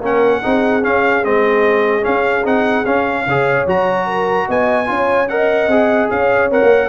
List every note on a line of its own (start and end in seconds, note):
0.00 0.41 A#3
0.00 0.42 C#4
0.00 0.41 A#4
0.00 0.84 F#5
0.41 0.85 C4
0.41 0.82 D#4
0.41 3.25 G#4
0.82 1.23 C#4
0.82 1.24 C#4
0.82 1.24 F5
1.24 2.05 G#3
1.24 2.01 C4
1.24 2.04 D#5
2.01 2.42 C#4
2.01 2.45 C#4
2.01 2.45 F5
2.44 2.85 C4
2.44 2.85 D#4
2.44 2.85 F#5
2.85 3.26 C#4
2.85 3.66 F5
3.26 3.66 C#3
3.26 3.67 G#4
3.26 4.07 C#5
3.66 4.47 F#3
3.66 4.86 F#4
3.66 4.50 A#5
4.07 4.47 A#4
4.47 4.89 B3
4.47 4.88 D#5
4.47 5.28 G#5
4.86 5.67 C#4
4.86 5.26 F4
4.86 5.30 C#5
5.28 5.70 A#4
5.28 6.11 D#5
5.28 6.09 F#5
5.67 6.08 C4
5.67 6.51 G#4
6.10 6.51 C#4
6.10 6.89 C#5
6.10 6.51 F5
6.51 6.61 C4
6.51 6.89 A#4
6.51 6.89 F#5
6.63 6.89 A#3